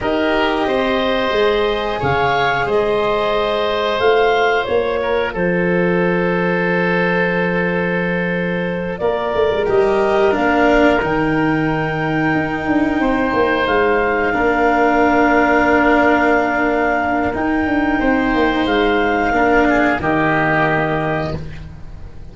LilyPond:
<<
  \new Staff \with { instrumentName = "clarinet" } { \time 4/4 \tempo 4 = 90 dis''2. f''4 | dis''2 f''4 cis''4 | c''1~ | c''4. d''4 dis''4 f''8~ |
f''8 g''2.~ g''8~ | g''8 f''2.~ f''8~ | f''2 g''2 | f''2 dis''2 | }
  \new Staff \with { instrumentName = "oboe" } { \time 4/4 ais'4 c''2 cis''4 | c''2.~ c''8 ais'8 | a'1~ | a'4. ais'2~ ais'8~ |
ais'2.~ ais'8 c''8~ | c''4. ais'2~ ais'8~ | ais'2. c''4~ | c''4 ais'8 gis'8 g'2 | }
  \new Staff \with { instrumentName = "cello" } { \time 4/4 g'2 gis'2~ | gis'2 f'2~ | f'1~ | f'2~ f'8 g'4 d'8~ |
d'8 dis'2.~ dis'8~ | dis'4. d'2~ d'8~ | d'2 dis'2~ | dis'4 d'4 ais2 | }
  \new Staff \with { instrumentName = "tuba" } { \time 4/4 dis'4 c'4 gis4 cis4 | gis2 a4 ais4 | f1~ | f4. ais8 a16 gis16 g4 ais8~ |
ais8 dis2 dis'8 d'8 c'8 | ais8 gis4 ais2~ ais8~ | ais2 dis'8 d'8 c'8 ais8 | gis4 ais4 dis2 | }
>>